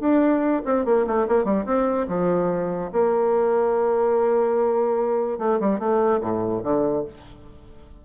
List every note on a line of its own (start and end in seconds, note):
0.00 0.62 D4
0.65 0.85 C4
0.85 1.06 A#3
1.07 1.27 A3
1.28 1.45 A#3
1.45 1.65 G3
1.66 2.07 C4
2.08 2.91 F3
2.93 5.38 A#3
5.38 5.59 A3
5.60 5.79 G3
5.79 6.21 A3
6.21 6.62 A2
6.63 7.05 D3